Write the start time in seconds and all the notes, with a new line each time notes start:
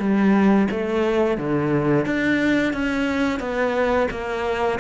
0.00 G3
0.71 A3
1.38 D3
2.06 D4
2.73 C#4
3.40 B3
4.11 A#3